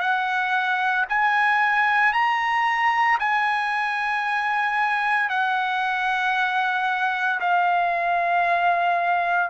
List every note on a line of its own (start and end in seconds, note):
0.00 1.05 F#5
1.09 2.12 G#5
2.12 3.18 A#5
3.19 5.29 G#5
5.29 7.40 F#5
7.40 9.50 F5